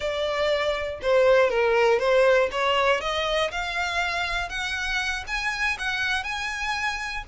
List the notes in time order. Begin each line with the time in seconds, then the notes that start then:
0.00 D5
1.01 C5
1.50 A#4
1.99 C5
2.51 C#5
3.00 D#5
3.51 F5
4.49 F#5
5.27 G#5
5.78 F#5
6.23 G#5